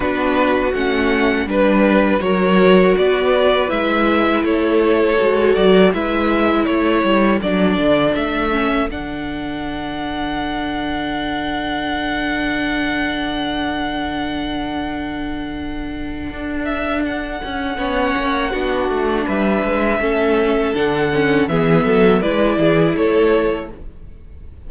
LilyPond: <<
  \new Staff \with { instrumentName = "violin" } { \time 4/4 \tempo 4 = 81 b'4 fis''4 b'4 cis''4 | d''4 e''4 cis''4. d''8 | e''4 cis''4 d''4 e''4 | fis''1~ |
fis''1~ | fis''2~ fis''8 e''8 fis''4~ | fis''2 e''2 | fis''4 e''4 d''4 cis''4 | }
  \new Staff \with { instrumentName = "violin" } { \time 4/4 fis'2 b'4 ais'4 | b'2 a'2 | b'4 a'2.~ | a'1~ |
a'1~ | a'1 | cis''4 fis'4 b'4 a'4~ | a'4 gis'8 a'8 b'8 gis'8 a'4 | }
  \new Staff \with { instrumentName = "viola" } { \time 4/4 d'4 cis'4 d'4 fis'4~ | fis'4 e'2 fis'4 | e'2 d'4. cis'8 | d'1~ |
d'1~ | d'1 | cis'4 d'2 cis'4 | d'8 cis'8 b4 e'2 | }
  \new Staff \with { instrumentName = "cello" } { \time 4/4 b4 a4 g4 fis4 | b4 gis4 a4 gis8 fis8 | gis4 a8 g8 fis8 d8 a4 | d1~ |
d1~ | d2 d'4. cis'8 | b8 ais8 b8 a8 g8 gis8 a4 | d4 e8 fis8 gis8 e8 a4 | }
>>